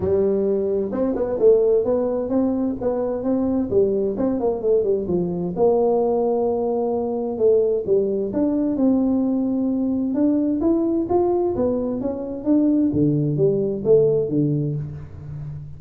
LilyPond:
\new Staff \with { instrumentName = "tuba" } { \time 4/4 \tempo 4 = 130 g2 c'8 b8 a4 | b4 c'4 b4 c'4 | g4 c'8 ais8 a8 g8 f4 | ais1 |
a4 g4 d'4 c'4~ | c'2 d'4 e'4 | f'4 b4 cis'4 d'4 | d4 g4 a4 d4 | }